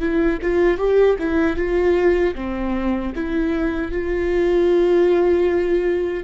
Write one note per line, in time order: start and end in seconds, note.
0.00 0.39 E4
0.42 0.78 F4
0.78 1.17 G4
1.19 1.57 E4
1.57 2.35 F4
2.35 3.13 C4
3.16 3.92 E4
3.92 6.24 F4